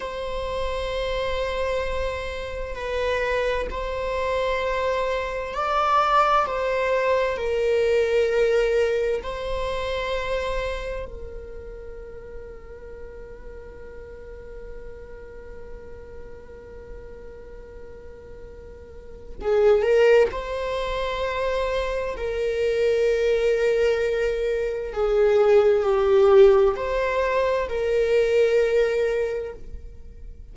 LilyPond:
\new Staff \with { instrumentName = "viola" } { \time 4/4 \tempo 4 = 65 c''2. b'4 | c''2 d''4 c''4 | ais'2 c''2 | ais'1~ |
ais'1~ | ais'4 gis'8 ais'8 c''2 | ais'2. gis'4 | g'4 c''4 ais'2 | }